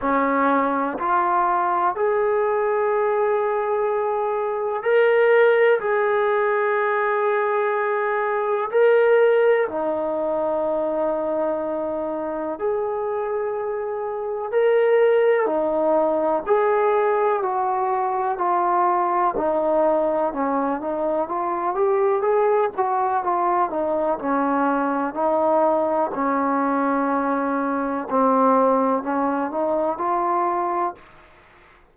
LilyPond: \new Staff \with { instrumentName = "trombone" } { \time 4/4 \tempo 4 = 62 cis'4 f'4 gis'2~ | gis'4 ais'4 gis'2~ | gis'4 ais'4 dis'2~ | dis'4 gis'2 ais'4 |
dis'4 gis'4 fis'4 f'4 | dis'4 cis'8 dis'8 f'8 g'8 gis'8 fis'8 | f'8 dis'8 cis'4 dis'4 cis'4~ | cis'4 c'4 cis'8 dis'8 f'4 | }